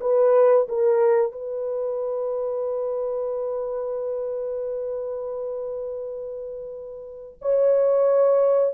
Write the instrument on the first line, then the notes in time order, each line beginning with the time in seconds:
horn
0.00 B4
0.68 A#4
1.32 B4
7.41 C#5